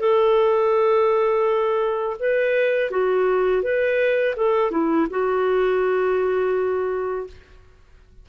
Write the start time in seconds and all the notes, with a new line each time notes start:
0.00 A4
2.19 B4
2.91 F#4
3.63 B4
4.36 A4
4.71 E4
5.10 F#4